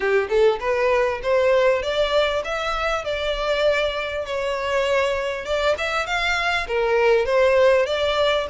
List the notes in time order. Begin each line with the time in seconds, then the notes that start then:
0.00 G4
0.29 A4
0.60 B4
1.22 C5
1.82 D5
2.44 E5
3.04 D5
4.25 C#5
5.45 D5
5.78 E5
6.06 F5
6.67 A#4
7.25 C5
7.86 D5